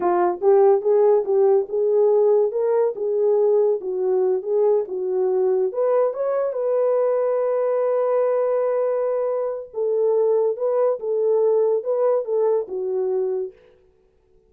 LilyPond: \new Staff \with { instrumentName = "horn" } { \time 4/4 \tempo 4 = 142 f'4 g'4 gis'4 g'4 | gis'2 ais'4 gis'4~ | gis'4 fis'4. gis'4 fis'8~ | fis'4. b'4 cis''4 b'8~ |
b'1~ | b'2. a'4~ | a'4 b'4 a'2 | b'4 a'4 fis'2 | }